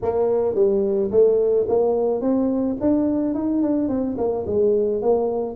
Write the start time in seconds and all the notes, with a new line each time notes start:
0.02 A#3
0.55 G3
1.11 A3
1.68 A#3
2.21 C4
2.80 D4
3.34 D#4
3.62 D4
3.88 C4
4.17 A#3
4.46 G#3
5.02 A#3